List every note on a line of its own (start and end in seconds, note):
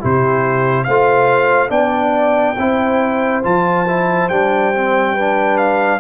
0.00 0.88 C3
0.00 0.87 E4
0.00 0.86 G4
0.00 0.84 C5
0.84 1.70 A3
0.84 1.70 C5
0.84 1.70 F5
0.91 1.69 F4
1.69 2.56 B3
1.69 2.55 D4
1.69 2.56 D5
1.69 3.43 G5
2.57 3.44 C4
2.57 3.43 E4
2.57 5.14 C5
3.43 4.30 F3
3.43 3.86 F4
3.43 4.29 A5
3.87 4.30 E4
4.29 6.00 G3
4.29 4.74 D4
4.29 5.58 G5
4.74 5.17 C4
5.14 6.00 D4
5.14 5.99 B4
5.58 6.00 F5